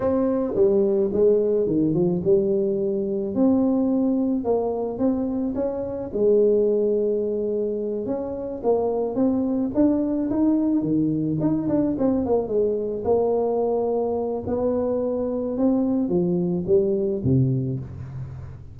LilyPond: \new Staff \with { instrumentName = "tuba" } { \time 4/4 \tempo 4 = 108 c'4 g4 gis4 dis8 f8 | g2 c'2 | ais4 c'4 cis'4 gis4~ | gis2~ gis8 cis'4 ais8~ |
ais8 c'4 d'4 dis'4 dis8~ | dis8 dis'8 d'8 c'8 ais8 gis4 ais8~ | ais2 b2 | c'4 f4 g4 c4 | }